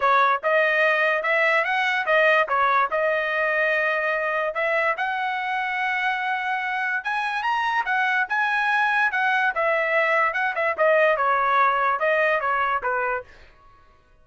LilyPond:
\new Staff \with { instrumentName = "trumpet" } { \time 4/4 \tempo 4 = 145 cis''4 dis''2 e''4 | fis''4 dis''4 cis''4 dis''4~ | dis''2. e''4 | fis''1~ |
fis''4 gis''4 ais''4 fis''4 | gis''2 fis''4 e''4~ | e''4 fis''8 e''8 dis''4 cis''4~ | cis''4 dis''4 cis''4 b'4 | }